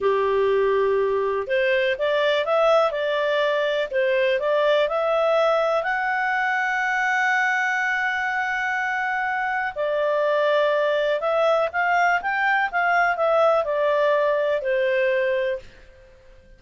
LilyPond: \new Staff \with { instrumentName = "clarinet" } { \time 4/4 \tempo 4 = 123 g'2. c''4 | d''4 e''4 d''2 | c''4 d''4 e''2 | fis''1~ |
fis''1 | d''2. e''4 | f''4 g''4 f''4 e''4 | d''2 c''2 | }